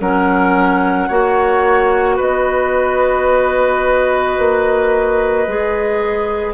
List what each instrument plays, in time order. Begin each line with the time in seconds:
0.00 bassoon F#3, clarinet C#4, oboe A#4, flute F#5
1.08 bassoon A#3, clarinet F#4, oboe C#5
2.16 bassoon B3, oboe B4, flute D#5
4.38 bassoon A#3
5.47 bassoon G#3, clarinet G#4